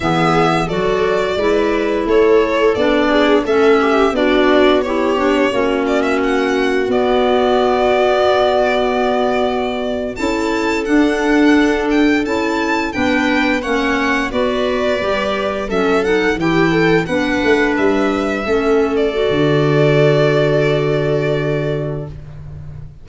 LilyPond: <<
  \new Staff \with { instrumentName = "violin" } { \time 4/4 \tempo 4 = 87 e''4 d''2 cis''4 | d''4 e''4 d''4 cis''4~ | cis''8 d''16 e''16 fis''4 d''2~ | d''2~ d''8. a''4 fis''16~ |
fis''4~ fis''16 g''8 a''4 g''4 fis''16~ | fis''8. d''2 e''8 fis''8 g''16~ | g''8. fis''4 e''4.~ e''16 d''8~ | d''1 | }
  \new Staff \with { instrumentName = "viola" } { \time 4/4 gis'4 a'4 b'4 a'4~ | a'8 gis'8 a'8 g'8 fis'4 g'4 | fis'1~ | fis'2~ fis'8. a'4~ a'16~ |
a'2~ a'8. b'4 cis''16~ | cis''8. b'2 a'4 g'16~ | g'16 a'8 b'2 a'4~ a'16~ | a'1 | }
  \new Staff \with { instrumentName = "clarinet" } { \time 4/4 b4 fis'4 e'2 | d'4 cis'4 d'4 e'8 d'8 | cis'2 b2~ | b2~ b8. e'4 d'16~ |
d'4.~ d'16 e'4 d'4 cis'16~ | cis'8. fis'4 g'4 cis'8 dis'8 e'16~ | e'8. d'2 cis'4 fis'16~ | fis'1 | }
  \new Staff \with { instrumentName = "tuba" } { \time 4/4 e4 fis4 gis4 a4 | b4 a4 b2 | ais2 b2~ | b2~ b8. cis'4 d'16~ |
d'4.~ d'16 cis'4 b4 ais16~ | ais8. b4 g4 fis4 e16~ | e8. b8 a8 g4 a4~ a16 | d1 | }
>>